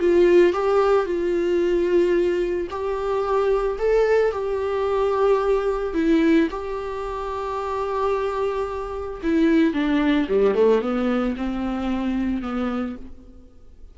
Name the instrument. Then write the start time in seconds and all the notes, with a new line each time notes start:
viola
0.00 F4
0.53 G4
1.06 F4
2.70 G4
3.79 A4
4.32 G4
5.94 E4
6.51 G4
9.23 E4
9.73 D4
10.29 G3
10.55 A3
10.81 B3
11.37 C4
12.42 B3